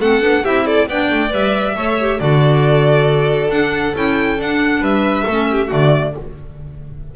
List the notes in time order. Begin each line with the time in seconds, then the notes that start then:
0.00 A3 C4 A4 F#5
0.21 B3 D4
0.43 C4 E4 G4 E5
0.66 A4 D5
0.88 B3 D4 D5 G5
1.11 A3
1.29 G3 B4 E5
1.76 A3 A4 C#5
2.00 G4
2.20 D3 F#4 A4 D5
3.50 D4 F#5
3.94 C#4 E4 G5
4.39 D4 F#5
4.81 G3 B4 E5
5.26 A3 C#4 A4
5.52 G4
5.67 D3 A3 F#4 D5